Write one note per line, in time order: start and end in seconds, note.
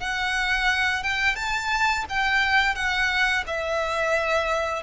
0.00 1.03 F#5
1.03 1.36 G5
1.36 2.05 A5
2.09 2.75 G5
2.75 3.44 F#5
3.47 4.82 E5